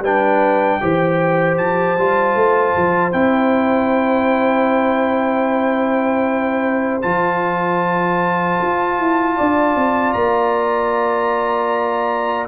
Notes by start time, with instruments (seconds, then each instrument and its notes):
0.00 tuba G3, trombone D4, horn B4, trumpet G5
0.81 tuba E3, trombone G4, horn C5
1.58 tuba F3, trumpet A5
1.98 tuba G3, trombone F4
2.35 tuba A3
2.77 tuba F3
3.12 tuba C4, trombone E4, trumpet G5
7.02 tuba F3, trombone F4, trumpet A5
8.62 tuba F4
8.99 tuba E4
9.37 tuba D4, horn D5
9.76 tuba C4
10.13 tuba A#3, trumpet A#5